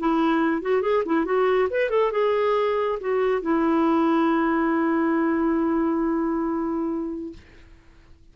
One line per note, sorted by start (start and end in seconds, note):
0.00 0.62 E4
0.62 0.82 F#4
0.82 1.04 G#4
1.06 1.25 E4
1.25 1.69 F#4
1.71 1.90 B4
1.90 2.12 A4
2.12 2.99 G#4
3.01 3.42 F#4
3.42 7.33 E4